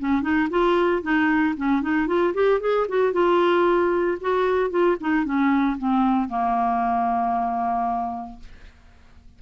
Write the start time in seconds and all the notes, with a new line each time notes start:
0.00 C#4
0.23 D#4
0.50 F4
1.03 D#4
1.57 C#4
1.83 D#4
2.08 F4
2.34 G4
2.61 G#4
2.89 F#4
3.13 F4
4.22 F#4
4.71 F4
5.01 D#4
5.25 C#4
5.79 C4
6.29 A#3